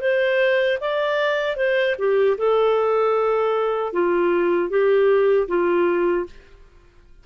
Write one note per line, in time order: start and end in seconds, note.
0.00 0.78 C5
0.80 1.56 D5
1.56 1.95 C5
1.98 2.37 G4
2.37 3.92 A4
3.92 4.69 F4
4.69 5.47 G4
5.48 6.26 F4